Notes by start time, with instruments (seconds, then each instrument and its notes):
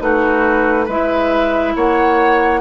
0.00 bassoon A3, clarinet D#4, oboe F#4, flute B4
0.86 bassoon G#3, clarinet E4, oboe B4, flute E5
1.76 bassoon A#3, oboe C#5, flute F#5